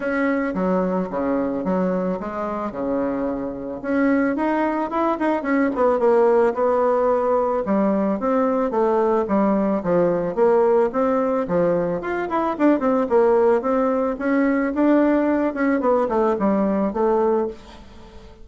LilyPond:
\new Staff \with { instrumentName = "bassoon" } { \time 4/4 \tempo 4 = 110 cis'4 fis4 cis4 fis4 | gis4 cis2 cis'4 | dis'4 e'8 dis'8 cis'8 b8 ais4 | b2 g4 c'4 |
a4 g4 f4 ais4 | c'4 f4 f'8 e'8 d'8 c'8 | ais4 c'4 cis'4 d'4~ | d'8 cis'8 b8 a8 g4 a4 | }